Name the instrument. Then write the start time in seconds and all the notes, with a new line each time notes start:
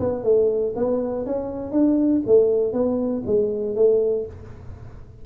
tuba
0.00 B3
0.24 A3
0.76 B3
1.26 C#4
1.72 D4
2.27 A3
2.73 B3
3.26 G#3
3.76 A3